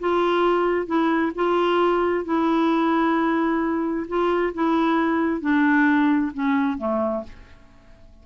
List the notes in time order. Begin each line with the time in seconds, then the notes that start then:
0.00 F4
0.87 E4
1.35 F4
2.25 E4
4.08 F4
4.54 E4
5.41 D4
6.34 C#4
6.78 A3